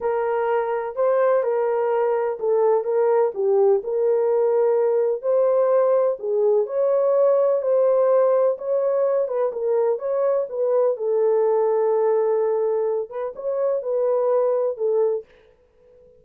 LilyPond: \new Staff \with { instrumentName = "horn" } { \time 4/4 \tempo 4 = 126 ais'2 c''4 ais'4~ | ais'4 a'4 ais'4 g'4 | ais'2. c''4~ | c''4 gis'4 cis''2 |
c''2 cis''4. b'8 | ais'4 cis''4 b'4 a'4~ | a'2.~ a'8 b'8 | cis''4 b'2 a'4 | }